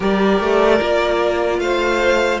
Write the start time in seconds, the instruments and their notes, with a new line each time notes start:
0.00 cello G3, viola G4, violin A#4 D5
0.40 cello A3
0.80 cello A#3, viola F4
1.59 cello A3, violin C5 F5